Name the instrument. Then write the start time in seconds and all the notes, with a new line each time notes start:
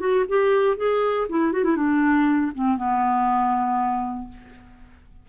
clarinet
0.00 F#4
0.29 G4
0.77 G#4
1.29 E4
1.53 F#4
1.64 E4
1.77 D4
2.55 C4
2.77 B3